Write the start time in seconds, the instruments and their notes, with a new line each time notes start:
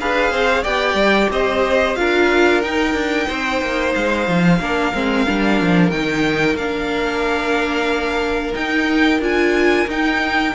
0.00 cello D4, viola G#4, violin B4 F5
0.31 cello C4, violin C5
0.62 cello B3, viola G4, violin D5 G5
0.94 cello G3
1.30 cello C4, violin C5 D#5
1.95 cello D4, viola F4, violin A#4 F5
2.61 viola D#4, cello D#4, violin G5
2.93 cello D4
3.27 cello C4, violin C5
3.61 cello A#3
3.95 cello G#3, violin F5
4.28 cello F3
4.60 cello A#3, viola D4, violin A#4
4.93 cello G#3, viola C4
5.26 cello G3, viola D4
5.61 cello F3
5.90 cello D#3, viola D#4, violin G5
6.55 cello A#3, viola D4, violin F5
8.53 viola D#4, cello D#4, violin G5
9.20 cello D4, viola F4, violin G#5
9.87 cello D#4, viola D#4, violin G5